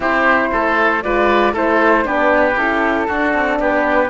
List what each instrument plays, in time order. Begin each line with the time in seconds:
0.00 cello C4, horn E4, oboe G4, flute C5
0.52 cello A3, oboe A4
1.03 cello G#3, horn F4, oboe B4, flute D5
1.53 cello A3, horn E4, oboe A4, flute C5
2.03 cello B3, horn D4, oboe G4, flute B4
2.56 cello C#4, horn E4, flute A4
3.07 horn D4, cello D4, oboe F#4
3.33 cello C4
3.59 cello B3, oboe G4, flute B4